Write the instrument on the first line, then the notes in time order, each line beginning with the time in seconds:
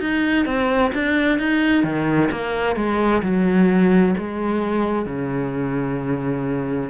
cello
0.00 D#4
0.46 C4
0.94 D4
1.38 D#4
1.83 D#3
2.31 A#3
2.76 G#3
3.23 F#3
4.17 G#3
5.06 C#3